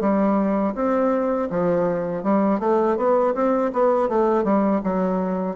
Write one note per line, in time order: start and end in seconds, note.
0.00 0.74 G3
0.74 1.48 C4
1.49 2.23 F3
2.23 2.59 G3
2.59 2.96 A3
2.97 3.34 B3
3.34 3.71 C4
3.73 4.08 B3
4.08 4.44 A3
4.44 4.81 G3
4.83 5.56 F#3